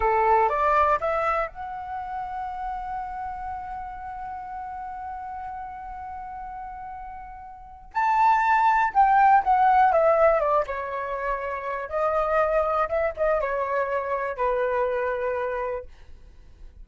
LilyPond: \new Staff \with { instrumentName = "flute" } { \time 4/4 \tempo 4 = 121 a'4 d''4 e''4 fis''4~ | fis''1~ | fis''1~ | fis''1 |
a''2 g''4 fis''4 | e''4 d''8 cis''2~ cis''8 | dis''2 e''8 dis''8 cis''4~ | cis''4 b'2. | }